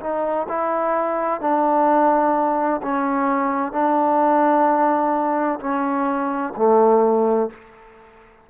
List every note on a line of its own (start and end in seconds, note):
0.00 0.47 D#4
0.49 1.41 E4
1.41 2.81 D4
2.83 3.72 C#4
3.72 5.60 D4
5.60 6.54 C#4
6.57 7.50 A3